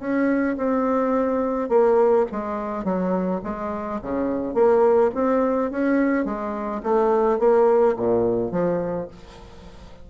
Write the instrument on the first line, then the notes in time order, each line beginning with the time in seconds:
bassoon
0.00 C#4
0.58 C4
1.70 A#3
2.32 G#3
2.85 F#3
3.45 G#3
4.02 C#3
4.55 A#3
5.15 C4
5.72 C#4
6.25 G#3
6.83 A3
7.40 A#3
7.97 A#2
8.52 F3